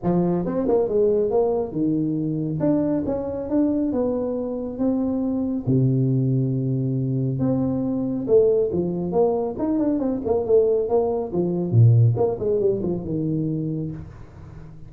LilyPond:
\new Staff \with { instrumentName = "tuba" } { \time 4/4 \tempo 4 = 138 f4 c'8 ais8 gis4 ais4 | dis2 d'4 cis'4 | d'4 b2 c'4~ | c'4 c2.~ |
c4 c'2 a4 | f4 ais4 dis'8 d'8 c'8 ais8 | a4 ais4 f4 ais,4 | ais8 gis8 g8 f8 dis2 | }